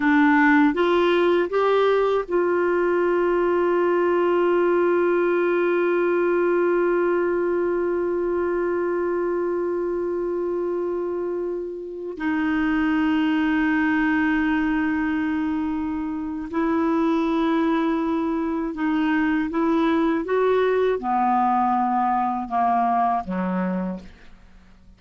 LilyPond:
\new Staff \with { instrumentName = "clarinet" } { \time 4/4 \tempo 4 = 80 d'4 f'4 g'4 f'4~ | f'1~ | f'1~ | f'1~ |
f'16 dis'2.~ dis'8.~ | dis'2 e'2~ | e'4 dis'4 e'4 fis'4 | b2 ais4 fis4 | }